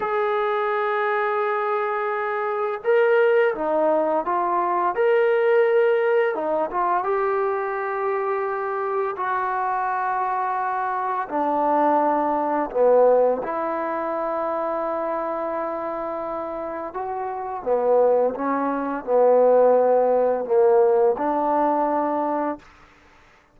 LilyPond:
\new Staff \with { instrumentName = "trombone" } { \time 4/4 \tempo 4 = 85 gis'1 | ais'4 dis'4 f'4 ais'4~ | ais'4 dis'8 f'8 g'2~ | g'4 fis'2. |
d'2 b4 e'4~ | e'1 | fis'4 b4 cis'4 b4~ | b4 ais4 d'2 | }